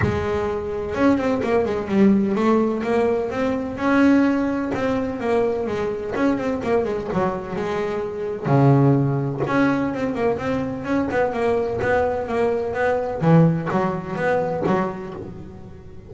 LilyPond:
\new Staff \with { instrumentName = "double bass" } { \time 4/4 \tempo 4 = 127 gis2 cis'8 c'8 ais8 gis8 | g4 a4 ais4 c'4 | cis'2 c'4 ais4 | gis4 cis'8 c'8 ais8 gis8 fis4 |
gis2 cis2 | cis'4 c'8 ais8 c'4 cis'8 b8 | ais4 b4 ais4 b4 | e4 fis4 b4 fis4 | }